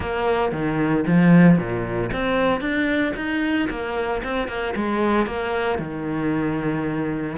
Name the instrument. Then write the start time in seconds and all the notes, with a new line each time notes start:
cello
0.00 A#3
0.52 D#3
1.06 F3
1.57 A#2
2.12 C4
2.60 D4
3.16 D#4
3.70 A#3
4.23 C4
4.47 A#3
4.75 G#3
5.26 A#3
5.78 D#3